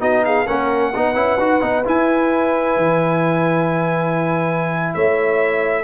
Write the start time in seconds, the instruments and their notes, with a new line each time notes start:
0.00 tuba B3, trombone D#4, horn F#4, trumpet D#5
0.25 horn G#4, trumpet F5
0.46 tuba A#3, trombone C#4, horn A#4, trumpet F#5
0.95 tuba B3, trombone D#4, horn B4
1.15 tuba C#4, trombone E4
1.38 tuba D#4, trombone F#4
1.61 tuba B3, trombone D#4
1.85 trombone E4, tuba E4, trumpet G#5
2.77 tuba E3
4.94 tuba A3, horn C#5, trumpet E5